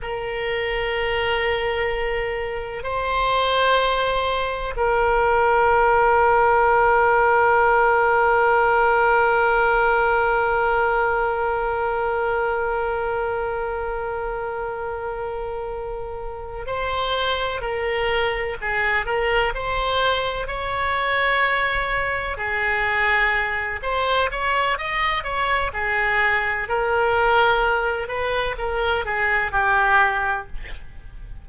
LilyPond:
\new Staff \with { instrumentName = "oboe" } { \time 4/4 \tempo 4 = 63 ais'2. c''4~ | c''4 ais'2.~ | ais'1~ | ais'1~ |
ais'4. c''4 ais'4 gis'8 | ais'8 c''4 cis''2 gis'8~ | gis'4 c''8 cis''8 dis''8 cis''8 gis'4 | ais'4. b'8 ais'8 gis'8 g'4 | }